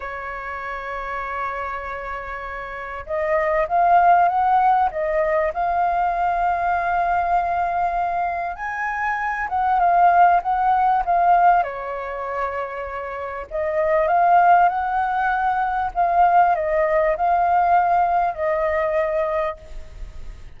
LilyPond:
\new Staff \with { instrumentName = "flute" } { \time 4/4 \tempo 4 = 98 cis''1~ | cis''4 dis''4 f''4 fis''4 | dis''4 f''2.~ | f''2 gis''4. fis''8 |
f''4 fis''4 f''4 cis''4~ | cis''2 dis''4 f''4 | fis''2 f''4 dis''4 | f''2 dis''2 | }